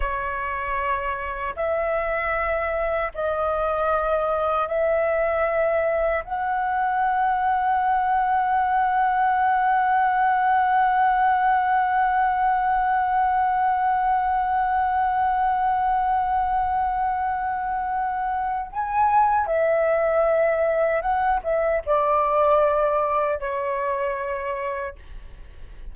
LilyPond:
\new Staff \with { instrumentName = "flute" } { \time 4/4 \tempo 4 = 77 cis''2 e''2 | dis''2 e''2 | fis''1~ | fis''1~ |
fis''1~ | fis''1 | gis''4 e''2 fis''8 e''8 | d''2 cis''2 | }